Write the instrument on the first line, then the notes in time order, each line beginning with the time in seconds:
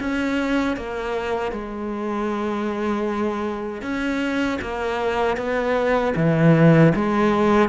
cello
0.00 C#4
0.77 A#3
1.52 G#3
3.82 C#4
4.62 A#3
5.37 B3
6.16 E3
6.95 G#3